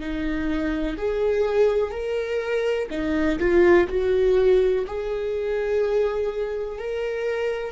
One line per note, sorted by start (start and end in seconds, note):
0.00 0.97 D#4
0.97 1.91 G#4
1.91 2.88 A#4
2.90 3.39 D#4
3.39 3.88 F4
3.88 4.85 F#4
4.87 6.78 G#4
6.78 7.72 A#4